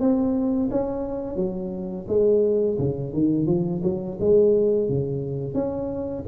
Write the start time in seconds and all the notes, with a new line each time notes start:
0.00 C4
0.71 C#4
1.36 F#3
2.08 G#3
2.78 C#3
3.13 D#3
3.47 F3
3.83 F#3
4.20 G#3
4.89 C#3
5.54 C#4